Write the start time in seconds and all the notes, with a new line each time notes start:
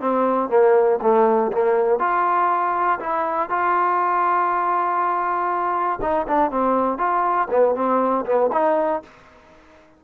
0.00 C4
0.49 A#3
1.01 A3
1.52 A#3
1.99 F4
2.99 E4
3.49 F4
6.01 D#4
6.27 D4
6.50 C4
6.97 F4
7.50 B3
7.75 C4
8.25 B3
8.52 D#4